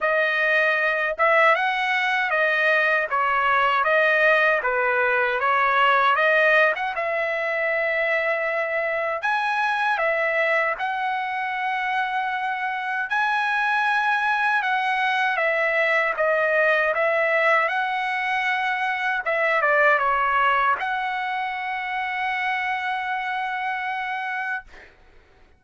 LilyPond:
\new Staff \with { instrumentName = "trumpet" } { \time 4/4 \tempo 4 = 78 dis''4. e''8 fis''4 dis''4 | cis''4 dis''4 b'4 cis''4 | dis''8. fis''16 e''2. | gis''4 e''4 fis''2~ |
fis''4 gis''2 fis''4 | e''4 dis''4 e''4 fis''4~ | fis''4 e''8 d''8 cis''4 fis''4~ | fis''1 | }